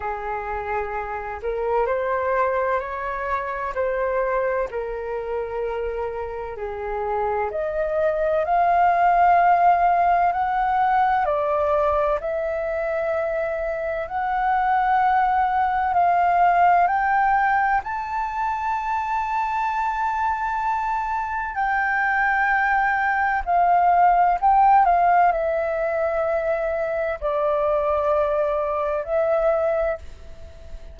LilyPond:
\new Staff \with { instrumentName = "flute" } { \time 4/4 \tempo 4 = 64 gis'4. ais'8 c''4 cis''4 | c''4 ais'2 gis'4 | dis''4 f''2 fis''4 | d''4 e''2 fis''4~ |
fis''4 f''4 g''4 a''4~ | a''2. g''4~ | g''4 f''4 g''8 f''8 e''4~ | e''4 d''2 e''4 | }